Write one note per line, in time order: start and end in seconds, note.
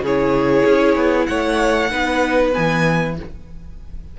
0.00 0.62 C#3
0.00 1.90 E4
0.00 1.28 G#4
0.00 1.26 C#5
0.66 0.95 C#4
0.95 1.26 B3
1.26 1.91 A3
1.26 1.91 C#5
1.26 2.51 F#5
1.90 2.53 B3
1.90 2.53 D#4
1.90 3.17 B4
2.53 3.19 E3
2.53 3.15 B3
2.53 3.16 G#5